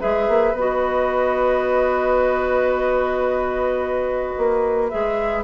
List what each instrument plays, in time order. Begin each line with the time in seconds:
0.00 bassoon G#3, clarinet G#4, oboe B4, flute E5
0.28 bassoon A#3
0.53 bassoon B3, flute D#5
0.59 clarinet F#4
4.37 bassoon A#3
4.89 bassoon G#3, clarinet G#4, flute E5